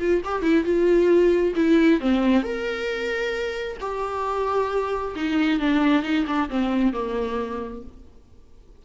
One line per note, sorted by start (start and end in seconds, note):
0.00 0.22 F4
0.25 0.42 G4
0.42 0.65 E4
0.65 1.54 F4
1.56 2.00 E4
2.01 2.43 C4
2.43 3.78 A#4
3.81 5.15 G4
5.16 5.60 D#4
5.60 6.03 D4
6.03 6.25 D#4
6.27 6.50 D4
6.50 6.93 C4
6.93 7.83 A#3